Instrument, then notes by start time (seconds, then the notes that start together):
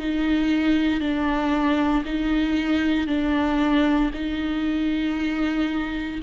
viola
0.00 D#4
1.01 D4
2.05 D#4
3.08 D4
4.14 D#4